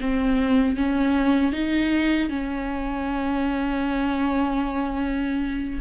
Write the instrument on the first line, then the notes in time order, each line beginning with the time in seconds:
viola
0.00 C4
0.76 C#4
1.52 D#4
2.29 C#4